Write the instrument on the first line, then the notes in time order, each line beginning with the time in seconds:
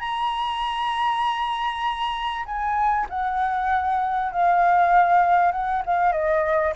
flute
0.00 A#5
2.46 G#5
3.10 F#5
4.32 F5
5.52 F#5
5.86 F5
6.13 D#5